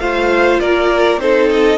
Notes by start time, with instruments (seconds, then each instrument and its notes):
0.00 cello A3, viola F4, violin C5 F5
0.60 cello A#3, violin A#4 D5
1.18 cello C4, viola D#4, violin A4 C5
1.50 violin D#5